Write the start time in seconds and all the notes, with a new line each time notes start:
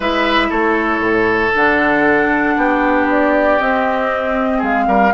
0.00 G#3 E4 B4 E5
0.49 A3 A4 C#5
0.99 A2
1.53 D3 D4 F#5
2.56 B3 G4
3.10 D5
3.58 C4 D#5
4.57 G#3 G#4 F5
4.87 G3 A#4